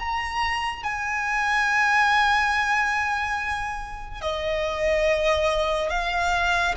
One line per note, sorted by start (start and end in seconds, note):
0.00 0.84 A#5
0.84 4.22 G#5
4.22 5.90 D#5
5.90 6.75 F5